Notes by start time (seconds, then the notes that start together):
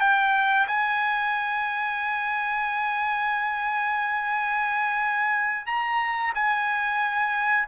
0.00 G5
0.67 G#5
5.66 A#5
6.35 G#5